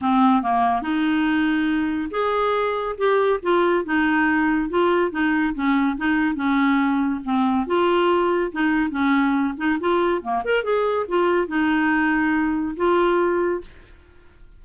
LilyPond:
\new Staff \with { instrumentName = "clarinet" } { \time 4/4 \tempo 4 = 141 c'4 ais4 dis'2~ | dis'4 gis'2 g'4 | f'4 dis'2 f'4 | dis'4 cis'4 dis'4 cis'4~ |
cis'4 c'4 f'2 | dis'4 cis'4. dis'8 f'4 | ais8 ais'8 gis'4 f'4 dis'4~ | dis'2 f'2 | }